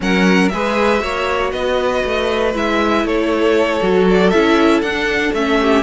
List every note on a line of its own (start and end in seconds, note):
0.00 0.51 F#3
0.00 0.51 C#4
0.00 0.52 A#4
0.00 0.48 F#5
0.48 1.02 G#3
0.48 0.99 G#4
0.48 1.02 B4
0.48 1.50 E5
0.99 1.52 A#3
0.99 2.51 F#4
0.99 1.52 C#5
1.52 2.03 B3
1.52 3.05 B4
1.52 2.53 D#5
2.04 2.54 A3
2.53 3.03 G#3
2.53 3.80 E4
2.53 3.06 E5
3.03 3.79 A3
3.03 5.60 A4
3.03 4.08 C#5
3.82 4.32 F#3
3.82 4.32 F#4
4.10 4.30 D5
4.30 4.81 C#4
4.30 4.83 E4
4.30 4.80 E5
4.81 5.32 D4
4.81 5.35 D4
4.81 5.33 F#5
5.33 5.82 A3
5.33 5.82 C#4
5.33 5.82 E5
5.60 5.82 G4